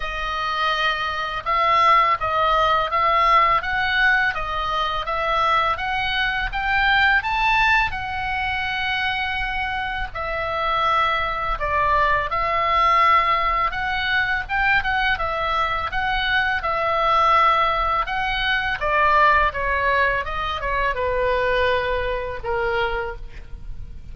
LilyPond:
\new Staff \with { instrumentName = "oboe" } { \time 4/4 \tempo 4 = 83 dis''2 e''4 dis''4 | e''4 fis''4 dis''4 e''4 | fis''4 g''4 a''4 fis''4~ | fis''2 e''2 |
d''4 e''2 fis''4 | g''8 fis''8 e''4 fis''4 e''4~ | e''4 fis''4 d''4 cis''4 | dis''8 cis''8 b'2 ais'4 | }